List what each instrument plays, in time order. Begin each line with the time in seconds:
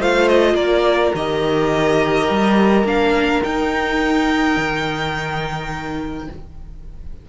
0.00 cello A3, viola F4, violin C5 F5
0.28 violin D#5
0.55 cello A#3, violin A#4 D5
1.15 cello D#3, viola G4, violin D#5
2.30 cello G3
2.84 cello A#3, viola D4, violin F5
3.43 viola D#4, cello D#4, violin G5
4.57 cello D#3